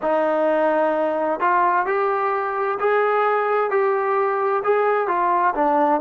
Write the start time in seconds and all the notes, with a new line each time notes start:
0.02 D#4
1.40 F4
1.86 G4
2.79 G#4
3.70 G4
4.64 G#4
5.07 F4
5.54 D4